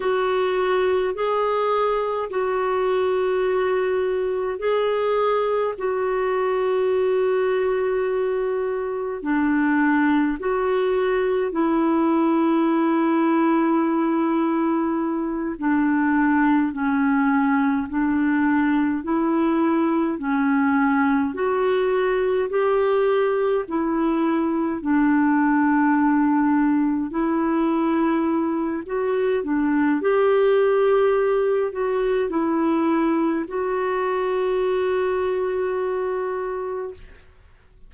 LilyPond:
\new Staff \with { instrumentName = "clarinet" } { \time 4/4 \tempo 4 = 52 fis'4 gis'4 fis'2 | gis'4 fis'2. | d'4 fis'4 e'2~ | e'4. d'4 cis'4 d'8~ |
d'8 e'4 cis'4 fis'4 g'8~ | g'8 e'4 d'2 e'8~ | e'4 fis'8 d'8 g'4. fis'8 | e'4 fis'2. | }